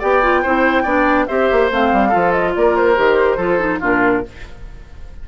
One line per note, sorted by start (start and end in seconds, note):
0.00 0.45 B3
0.00 0.23 G4
0.00 0.42 D5
0.00 1.27 G5
0.23 0.44 F4
0.43 0.85 C4
0.43 0.86 E4
0.43 0.83 C5
0.83 1.27 B3
0.83 1.28 D4
0.83 1.26 D5
1.27 1.51 C4
1.27 1.71 G4
1.27 2.09 C5
1.27 1.70 E5
1.52 1.72 A#3
1.71 1.93 A3
1.71 2.12 C4
1.71 2.32 F5
1.93 2.14 G3
2.09 2.56 F3
2.09 2.96 F4
2.09 2.51 A4
2.32 2.53 D#5
2.55 2.98 A#3
2.55 3.37 A#4
2.55 2.76 D5
2.76 3.82 C5
2.96 3.38 D#3
2.96 3.38 G4
3.37 3.80 F3
3.37 3.59 F4
3.37 3.80 A4
3.59 3.81 D#4
3.80 4.25 A#2
3.80 4.24 D4
3.80 4.23 F4
3.87 4.29 A#4